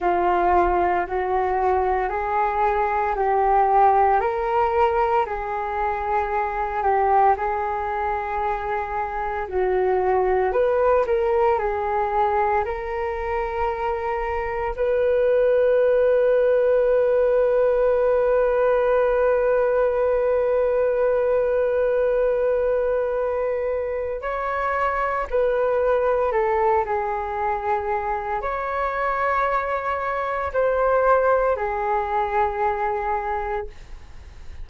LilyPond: \new Staff \with { instrumentName = "flute" } { \time 4/4 \tempo 4 = 57 f'4 fis'4 gis'4 g'4 | ais'4 gis'4. g'8 gis'4~ | gis'4 fis'4 b'8 ais'8 gis'4 | ais'2 b'2~ |
b'1~ | b'2. cis''4 | b'4 a'8 gis'4. cis''4~ | cis''4 c''4 gis'2 | }